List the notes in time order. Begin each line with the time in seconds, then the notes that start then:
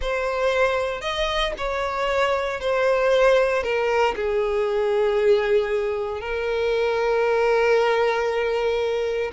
0.01 C5
1.01 D#5
1.57 C#5
2.60 C5
3.63 A#4
4.15 G#4
6.21 A#4